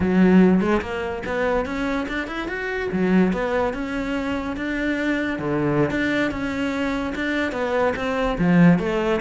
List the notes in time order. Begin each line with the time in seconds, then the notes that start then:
0.00 F#3
0.60 G#3
0.81 A#3
1.26 B3
1.65 C#4
2.08 D4
2.27 E4
2.48 F#4
2.92 F#3
3.32 B3
3.73 C#4
4.56 D4
5.38 D3
5.90 D4
6.31 C#4
7.15 D4
7.52 B3
7.96 C4
8.38 F3
8.78 A3